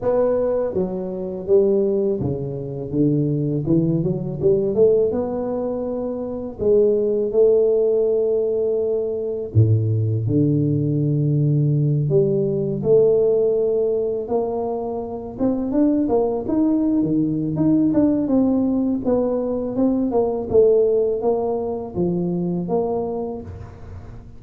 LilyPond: \new Staff \with { instrumentName = "tuba" } { \time 4/4 \tempo 4 = 82 b4 fis4 g4 cis4 | d4 e8 fis8 g8 a8 b4~ | b4 gis4 a2~ | a4 a,4 d2~ |
d8 g4 a2 ais8~ | ais4 c'8 d'8 ais8 dis'8. dis8. | dis'8 d'8 c'4 b4 c'8 ais8 | a4 ais4 f4 ais4 | }